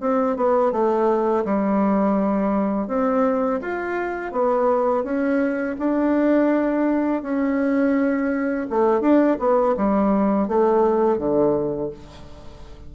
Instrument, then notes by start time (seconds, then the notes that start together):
bassoon
0.00 C4
0.36 B3
0.72 A3
1.45 G3
2.88 C4
3.61 F4
4.32 B3
5.03 C#4
5.79 D4
7.22 C#4
8.70 A3
9.01 D4
9.39 B3
9.77 G3
10.48 A3
11.18 D3